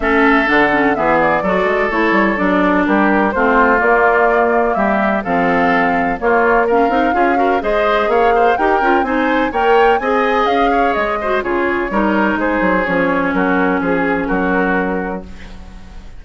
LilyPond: <<
  \new Staff \with { instrumentName = "flute" } { \time 4/4 \tempo 4 = 126 e''4 fis''4 e''8 d''4. | cis''4 d''4 ais'4 c''4 | d''2 e''4 f''4~ | f''4 cis''4 f''2 |
dis''4 f''4 g''4 gis''4 | g''4 gis''4 f''4 dis''4 | cis''2 c''4 cis''4 | ais'4 gis'4 ais'2 | }
  \new Staff \with { instrumentName = "oboe" } { \time 4/4 a'2 gis'4 a'4~ | a'2 g'4 f'4~ | f'2 g'4 a'4~ | a'4 f'4 ais'4 gis'8 ais'8 |
c''4 cis''8 c''8 ais'4 c''4 | cis''4 dis''4. cis''4 c''8 | gis'4 ais'4 gis'2 | fis'4 gis'4 fis'2 | }
  \new Staff \with { instrumentName = "clarinet" } { \time 4/4 cis'4 d'8 cis'8 b4 fis'4 | e'4 d'2 c'4 | ais2. c'4~ | c'4 ais4 cis'8 dis'8 f'8 fis'8 |
gis'2 g'8 f'8 dis'4 | ais'4 gis'2~ gis'8 fis'8 | f'4 dis'2 cis'4~ | cis'1 | }
  \new Staff \with { instrumentName = "bassoon" } { \time 4/4 a4 d4 e4 fis8 gis8 | a8 g8 fis4 g4 a4 | ais2 g4 f4~ | f4 ais4. c'8 cis'4 |
gis4 ais4 dis'8 cis'8 c'4 | ais4 c'4 cis'4 gis4 | cis4 g4 gis8 fis8 f4 | fis4 f4 fis2 | }
>>